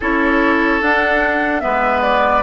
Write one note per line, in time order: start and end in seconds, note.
0.00 0.82 C#4
0.00 0.81 E4
0.00 1.61 A4
0.00 0.82 C#5
0.81 1.61 D4
0.81 1.63 D4
0.81 1.60 F#5
1.60 2.42 G#3
1.60 2.42 B3
1.60 2.42 B4
1.60 2.00 E5
2.01 2.42 D5